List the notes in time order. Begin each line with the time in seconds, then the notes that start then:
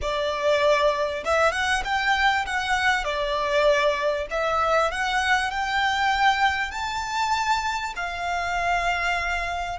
0.01 D5
1.24 E5
1.52 F#5
1.84 G5
2.46 F#5
3.04 D5
4.30 E5
4.91 F#5
5.50 G5
6.71 A5
7.96 F5